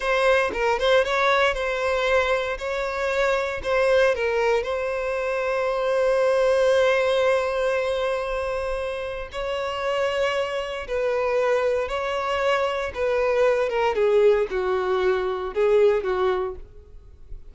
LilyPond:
\new Staff \with { instrumentName = "violin" } { \time 4/4 \tempo 4 = 116 c''4 ais'8 c''8 cis''4 c''4~ | c''4 cis''2 c''4 | ais'4 c''2.~ | c''1~ |
c''2 cis''2~ | cis''4 b'2 cis''4~ | cis''4 b'4. ais'8 gis'4 | fis'2 gis'4 fis'4 | }